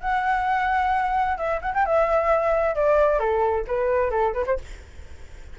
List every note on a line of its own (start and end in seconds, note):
0.00 1.37 F#5
1.37 1.60 E5
1.61 1.73 F#5
1.74 1.85 G5
1.85 2.75 E5
2.75 3.19 D5
3.19 3.65 A4
3.67 4.10 B4
4.10 4.33 A4
4.33 4.45 B4
4.46 4.58 C5